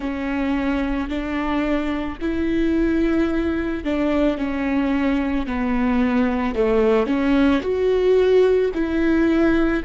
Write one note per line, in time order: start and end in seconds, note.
0.00 1.09 C#4
1.09 2.18 D4
2.20 3.83 E4
3.83 4.37 D4
4.37 5.46 C#4
5.46 6.55 B3
6.55 7.06 A3
7.06 7.61 C#4
7.61 8.70 F#4
8.73 9.82 E4